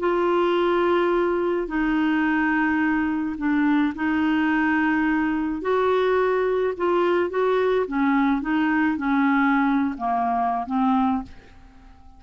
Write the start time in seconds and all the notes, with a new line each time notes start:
0.00 F4
1.68 D#4
3.38 D4
3.96 D#4
5.62 F#4
6.77 F4
7.30 F#4
7.88 C#4
8.42 D#4
8.97 C#4
9.98 A#3
10.67 C4